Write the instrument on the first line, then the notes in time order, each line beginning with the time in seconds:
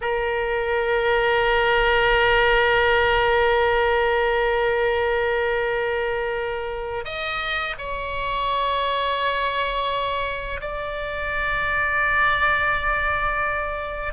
oboe
0.01 A#4
7.04 D#5
7.77 C#5
10.60 D5